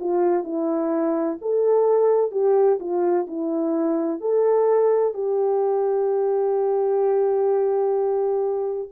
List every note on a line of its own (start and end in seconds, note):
0.00 0.44 F4
0.44 1.38 E4
1.41 2.31 A4
2.31 2.78 G4
2.80 3.27 F4
3.27 4.21 E4
4.21 5.13 A4
5.13 8.88 G4